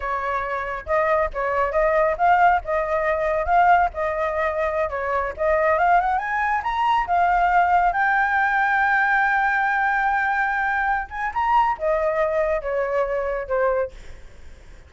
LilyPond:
\new Staff \with { instrumentName = "flute" } { \time 4/4 \tempo 4 = 138 cis''2 dis''4 cis''4 | dis''4 f''4 dis''2 | f''4 dis''2~ dis''16 cis''8.~ | cis''16 dis''4 f''8 fis''8 gis''4 ais''8.~ |
ais''16 f''2 g''4.~ g''16~ | g''1~ | g''4. gis''8 ais''4 dis''4~ | dis''4 cis''2 c''4 | }